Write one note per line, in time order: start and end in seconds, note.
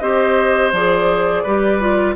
0.00 0.73 C4
0.00 0.73 G4
0.00 1.43 C5
0.00 0.71 D#5
0.73 1.44 F3
0.73 1.47 G#4
0.73 2.16 D5
1.43 2.16 G3
1.43 1.81 G4
1.43 2.15 B4
1.81 2.16 F4